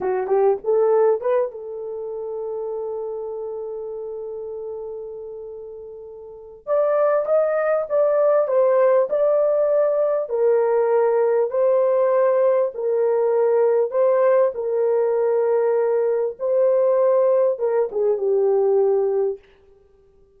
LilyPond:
\new Staff \with { instrumentName = "horn" } { \time 4/4 \tempo 4 = 99 fis'8 g'8 a'4 b'8 a'4.~ | a'1~ | a'2. d''4 | dis''4 d''4 c''4 d''4~ |
d''4 ais'2 c''4~ | c''4 ais'2 c''4 | ais'2. c''4~ | c''4 ais'8 gis'8 g'2 | }